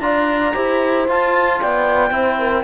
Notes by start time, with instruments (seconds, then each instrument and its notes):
0.00 cello D4, trombone F4, horn D5, clarinet A#5
0.54 cello E4, trombone G4, horn C5
1.08 cello F4, trombone F4, clarinet A5
1.61 cello B3, horn D5, clarinet G5
2.11 cello C4, trombone E4, horn C5
2.39 horn A#4